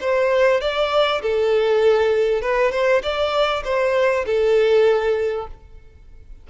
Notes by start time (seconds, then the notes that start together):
0.00 C5
0.61 D5
1.22 A4
2.41 B4
2.71 C5
3.02 D5
3.64 C5
4.26 A4